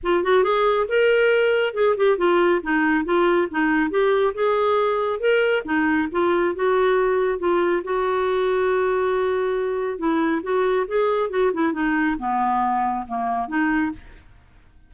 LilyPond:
\new Staff \with { instrumentName = "clarinet" } { \time 4/4 \tempo 4 = 138 f'8 fis'8 gis'4 ais'2 | gis'8 g'8 f'4 dis'4 f'4 | dis'4 g'4 gis'2 | ais'4 dis'4 f'4 fis'4~ |
fis'4 f'4 fis'2~ | fis'2. e'4 | fis'4 gis'4 fis'8 e'8 dis'4 | b2 ais4 dis'4 | }